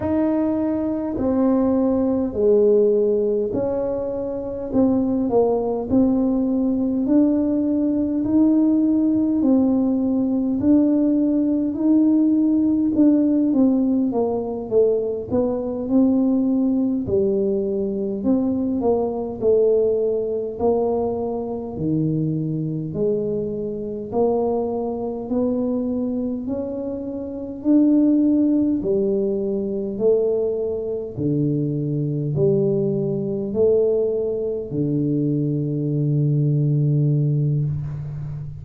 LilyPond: \new Staff \with { instrumentName = "tuba" } { \time 4/4 \tempo 4 = 51 dis'4 c'4 gis4 cis'4 | c'8 ais8 c'4 d'4 dis'4 | c'4 d'4 dis'4 d'8 c'8 | ais8 a8 b8 c'4 g4 c'8 |
ais8 a4 ais4 dis4 gis8~ | gis8 ais4 b4 cis'4 d'8~ | d'8 g4 a4 d4 g8~ | g8 a4 d2~ d8 | }